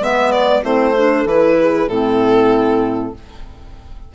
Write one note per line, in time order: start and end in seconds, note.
0.00 0.62 G#3
0.00 0.62 B3
0.00 0.64 B4
0.00 0.32 E5
0.32 0.63 D5
0.62 1.25 A3
0.62 0.94 C4
0.62 0.95 E4
0.62 1.27 C5
0.96 1.27 D4
0.96 1.58 A4
1.25 1.87 E3
1.25 1.90 E4
1.25 1.88 B4
1.60 1.89 G#4
1.88 3.13 A2
1.88 3.15 C4
1.88 3.14 E4
1.88 3.13 A4